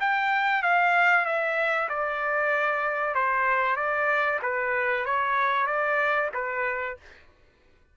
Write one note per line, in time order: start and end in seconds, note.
0.00 0.62 G5
0.62 1.25 F5
1.25 1.88 E5
1.89 3.14 D5
3.14 3.76 C5
3.76 4.39 D5
4.42 5.05 B4
5.05 5.66 C#5
5.66 6.30 D5
6.34 6.97 B4